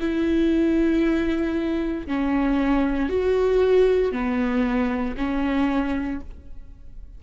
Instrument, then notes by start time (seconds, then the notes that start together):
viola
0.00 E4
2.07 C#4
3.09 F#4
4.12 B3
5.17 C#4